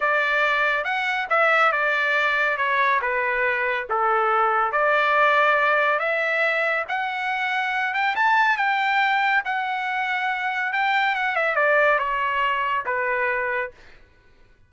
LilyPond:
\new Staff \with { instrumentName = "trumpet" } { \time 4/4 \tempo 4 = 140 d''2 fis''4 e''4 | d''2 cis''4 b'4~ | b'4 a'2 d''4~ | d''2 e''2 |
fis''2~ fis''8 g''8 a''4 | g''2 fis''2~ | fis''4 g''4 fis''8 e''8 d''4 | cis''2 b'2 | }